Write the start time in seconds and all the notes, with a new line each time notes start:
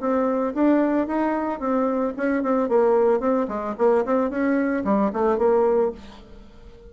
0.00 C4
0.54 D4
1.07 D#4
1.59 C4
2.16 C#4
2.43 C4
2.69 A#3
3.20 C4
3.48 G#3
3.78 A#3
4.05 C4
4.30 C#4
4.84 G3
5.13 A3
5.38 A#3